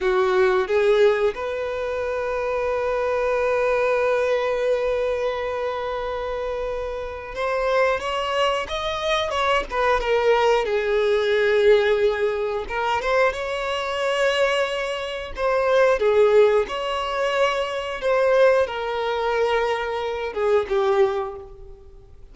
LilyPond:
\new Staff \with { instrumentName = "violin" } { \time 4/4 \tempo 4 = 90 fis'4 gis'4 b'2~ | b'1~ | b'2. c''4 | cis''4 dis''4 cis''8 b'8 ais'4 |
gis'2. ais'8 c''8 | cis''2. c''4 | gis'4 cis''2 c''4 | ais'2~ ais'8 gis'8 g'4 | }